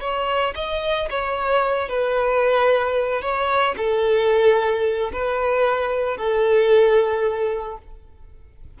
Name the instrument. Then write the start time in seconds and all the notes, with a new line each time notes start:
violin
0.00 C#5
0.55 D#5
1.09 C#5
1.88 B4
3.21 C#5
3.77 A4
5.12 B4
6.17 A4